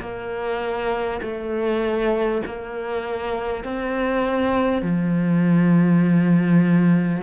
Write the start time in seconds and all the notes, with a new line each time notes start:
0.00 A#3
1.22 A3
2.45 A#3
3.64 C4
4.82 F3